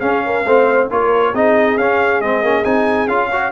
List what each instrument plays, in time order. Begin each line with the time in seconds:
0.00 tuba C#4, trombone C#4, horn G#4, trumpet F5
0.25 horn A#4
0.45 tuba A3, trombone C4, horn C5
0.90 tuba A#3, trombone F4, horn A#4, trumpet C#5
1.32 tuba C4, trombone D#4, horn G#4, trumpet D#5
1.76 tuba C#4, trombone C#4, trumpet F5
2.20 tuba G#3, trombone C4, trumpet D#5
2.42 tuba A#3, trombone C#4
2.64 tuba C4, trombone D#4, trumpet G#5
3.07 tuba C#4, trombone F4, trumpet F5
3.29 trombone F#4, horn C#5